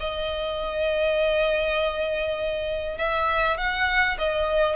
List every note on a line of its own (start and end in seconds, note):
0.00 2.98 D#5
2.98 3.58 E5
3.58 4.18 F#5
4.18 4.76 D#5